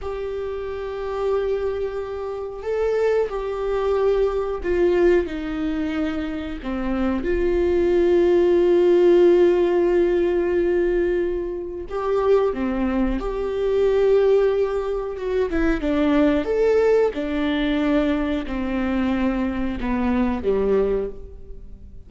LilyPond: \new Staff \with { instrumentName = "viola" } { \time 4/4 \tempo 4 = 91 g'1 | a'4 g'2 f'4 | dis'2 c'4 f'4~ | f'1~ |
f'2 g'4 c'4 | g'2. fis'8 e'8 | d'4 a'4 d'2 | c'2 b4 g4 | }